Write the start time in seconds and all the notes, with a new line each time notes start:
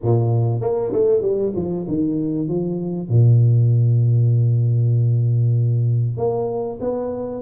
0.02 A#2
0.60 A#3
0.92 A3
1.21 G3
1.55 F3
1.88 D#3
2.47 F3
3.08 A#2
6.17 A#3
6.80 B3